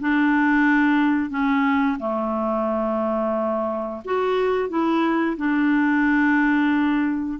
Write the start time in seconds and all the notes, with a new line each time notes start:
0.00 D4
1.30 C#4
1.99 A3
4.04 F#4
4.69 E4
5.37 D4